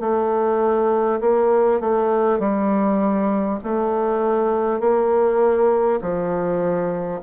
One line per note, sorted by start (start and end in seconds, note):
0.00 1.20 A3
1.21 1.81 A#3
1.81 2.39 A3
2.39 3.59 G3
3.64 4.80 A3
4.80 6.00 A#3
6.01 7.21 F3